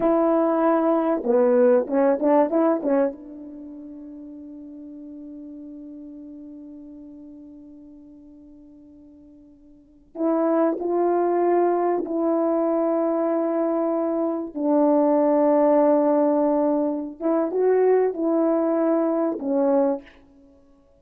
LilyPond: \new Staff \with { instrumentName = "horn" } { \time 4/4 \tempo 4 = 96 e'2 b4 cis'8 d'8 | e'8 cis'8 d'2.~ | d'1~ | d'1~ |
d'16 e'4 f'2 e'8.~ | e'2.~ e'16 d'8.~ | d'2.~ d'8 e'8 | fis'4 e'2 cis'4 | }